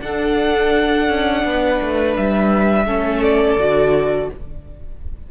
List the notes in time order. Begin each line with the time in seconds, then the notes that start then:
0.00 D4 A4 F#5
1.08 C#4
1.44 B3 B4
1.81 A3
2.16 G3 E5
2.85 A3 C#4 A4
3.23 D5
3.58 D3 F#4